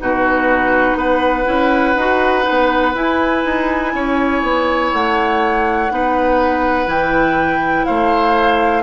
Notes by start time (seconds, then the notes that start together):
0.00 B2 D#4 F#4 B4
0.96 B3 B4 F#5
1.46 C#4 E4
1.96 D#4 F#4
2.43 D#4
2.50 B3
2.95 E4 G#5
3.45 D#4
3.95 C#4 C#5
4.43 B3
4.93 A3 F#5
5.91 B3 D#4 B4
6.87 E3 E4 G5
7.85 A3 C5 F5